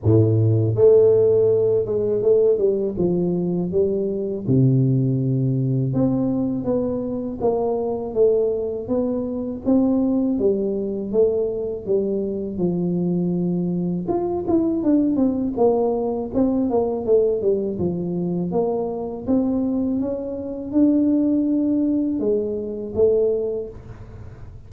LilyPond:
\new Staff \with { instrumentName = "tuba" } { \time 4/4 \tempo 4 = 81 a,4 a4. gis8 a8 g8 | f4 g4 c2 | c'4 b4 ais4 a4 | b4 c'4 g4 a4 |
g4 f2 f'8 e'8 | d'8 c'8 ais4 c'8 ais8 a8 g8 | f4 ais4 c'4 cis'4 | d'2 gis4 a4 | }